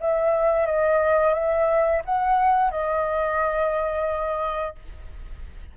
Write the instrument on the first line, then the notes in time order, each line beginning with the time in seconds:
flute
0.00 E5
0.66 D#5
1.34 E5
2.05 F#5
2.71 D#5